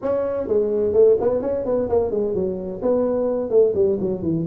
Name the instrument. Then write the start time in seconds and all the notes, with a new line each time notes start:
tuba
0.02 C#4
0.47 G#3
0.93 A3
1.20 B3
1.41 C#4
1.65 B3
1.89 A#3
2.11 G#3
2.34 F#3
2.81 B3
3.49 A3
3.75 G3
4.00 F#3
4.22 E3